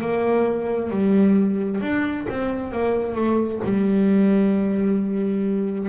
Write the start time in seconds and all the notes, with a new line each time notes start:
0.00 A#3
0.90 G3
1.81 D4
2.29 C4
2.71 A#3
3.15 A3
3.64 G3